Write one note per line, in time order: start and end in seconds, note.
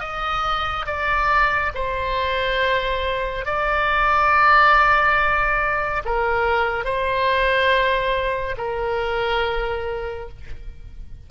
0.00 0.86 D#5
0.86 1.72 D5
1.75 3.46 C5
3.46 6.03 D5
6.05 6.85 A#4
6.85 8.56 C5
8.58 10.29 A#4